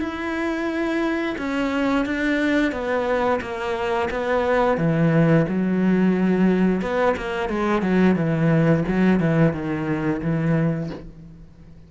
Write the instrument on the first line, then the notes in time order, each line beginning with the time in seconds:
cello
0.00 E4
1.39 C#4
2.06 D4
2.72 B3
3.42 A#3
4.11 B3
4.78 E3
5.49 F#3
6.82 B3
7.17 A#3
7.50 G#3
7.82 F#3
8.16 E3
8.88 F#3
9.20 E3
9.54 D#3
10.22 E3